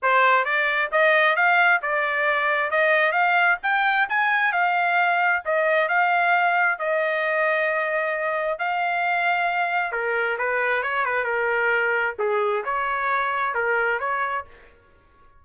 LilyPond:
\new Staff \with { instrumentName = "trumpet" } { \time 4/4 \tempo 4 = 133 c''4 d''4 dis''4 f''4 | d''2 dis''4 f''4 | g''4 gis''4 f''2 | dis''4 f''2 dis''4~ |
dis''2. f''4~ | f''2 ais'4 b'4 | cis''8 b'8 ais'2 gis'4 | cis''2 ais'4 cis''4 | }